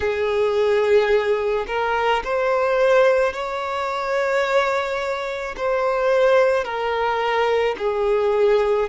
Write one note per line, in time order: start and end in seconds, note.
0.00 1.65 G#4
1.67 2.22 A#4
2.24 3.33 C5
3.33 5.55 C#5
5.57 6.64 C5
6.64 7.75 A#4
7.78 8.89 G#4